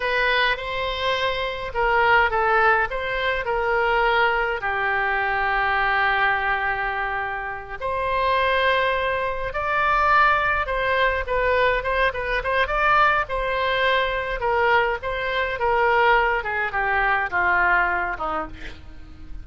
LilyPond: \new Staff \with { instrumentName = "oboe" } { \time 4/4 \tempo 4 = 104 b'4 c''2 ais'4 | a'4 c''4 ais'2 | g'1~ | g'4. c''2~ c''8~ |
c''8 d''2 c''4 b'8~ | b'8 c''8 b'8 c''8 d''4 c''4~ | c''4 ais'4 c''4 ais'4~ | ais'8 gis'8 g'4 f'4. dis'8 | }